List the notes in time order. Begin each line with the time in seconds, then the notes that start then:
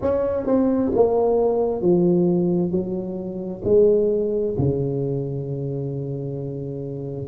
0.01 C#4
0.46 C4
0.94 A#3
1.81 F3
2.71 F#3
3.64 G#3
4.58 C#3